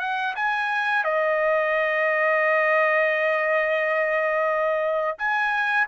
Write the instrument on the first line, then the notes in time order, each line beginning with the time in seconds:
trumpet
0.00 F#5
0.36 G#5
1.04 D#5
5.18 G#5